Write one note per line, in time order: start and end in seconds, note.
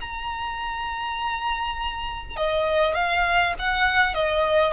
0.00 2.36 A#5
2.36 2.94 D#5
2.94 3.54 F5
3.59 4.14 F#5
4.14 4.73 D#5